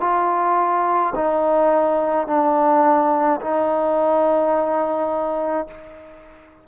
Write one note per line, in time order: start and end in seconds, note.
0.00 1.13 F4
1.15 2.27 D#4
2.27 3.40 D4
3.41 5.67 D#4